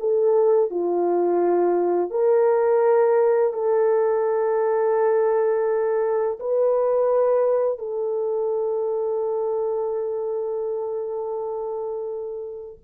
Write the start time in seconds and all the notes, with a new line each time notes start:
0.00 A4
0.71 F4
2.11 A#4
3.54 A4
6.40 B4
7.79 A4